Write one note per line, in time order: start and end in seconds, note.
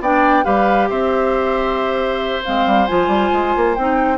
0.00 0.44 B3
0.00 0.44 D4
0.00 0.44 D5
0.00 0.44 G5
0.44 0.90 G3
0.44 2.42 G4
0.44 0.89 B4
0.44 0.89 F5
0.89 2.44 C4
0.89 4.18 C5
0.89 2.44 E5
2.44 2.66 G#3
2.44 2.88 C4
2.44 2.87 F5
2.66 2.88 G3
2.87 3.07 F3
2.87 3.76 F4
2.87 3.74 G#5
3.07 3.29 G3
3.33 3.55 G#3
3.55 3.77 A#3
3.74 4.18 C4
3.74 4.18 D#4
3.74 4.18 G5